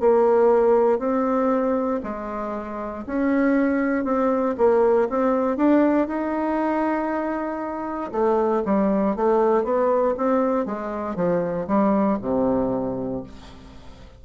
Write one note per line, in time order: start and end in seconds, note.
0.00 0.99 A#3
0.99 2.01 C4
2.03 3.05 G#3
3.06 4.04 C#4
4.04 4.55 C4
4.58 5.08 A#3
5.09 5.57 C4
5.57 6.07 D4
6.08 8.11 D#4
8.12 8.63 A3
8.65 9.16 G3
9.16 9.64 A3
9.64 10.15 B3
10.17 10.66 C4
10.66 11.16 G#3
11.16 11.67 F3
11.67 12.18 G3
12.21 13.23 C3